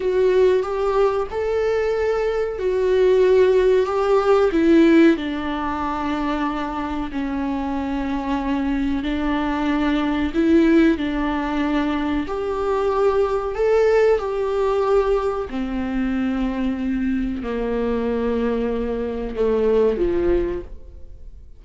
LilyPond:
\new Staff \with { instrumentName = "viola" } { \time 4/4 \tempo 4 = 93 fis'4 g'4 a'2 | fis'2 g'4 e'4 | d'2. cis'4~ | cis'2 d'2 |
e'4 d'2 g'4~ | g'4 a'4 g'2 | c'2. ais4~ | ais2 a4 f4 | }